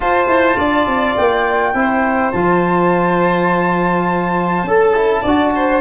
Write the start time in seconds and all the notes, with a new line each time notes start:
0.00 F4 C5 A5
0.27 E4
0.56 D4 D5
0.87 C4
1.16 A#3 G5
1.74 C4 E4
1.80 C5
2.31 F3 F4 A5
4.63 C#4 A4
4.94 E4
5.22 D4 F#4 D5
5.55 C5